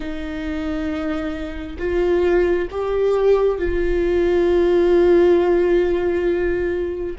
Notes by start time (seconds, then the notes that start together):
0.00 D#4
1.78 F4
2.71 G4
3.58 F4